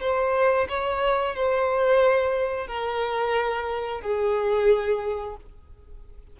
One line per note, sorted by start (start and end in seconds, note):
0.00 0.67 C5
0.68 1.35 C#5
1.35 2.67 C5
2.67 4.01 A#4
4.01 5.36 G#4